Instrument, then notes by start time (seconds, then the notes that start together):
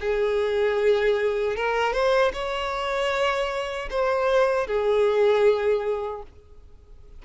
violin
0.00 G#4
1.56 A#4
1.93 C5
2.33 C#5
3.90 C5
4.67 G#4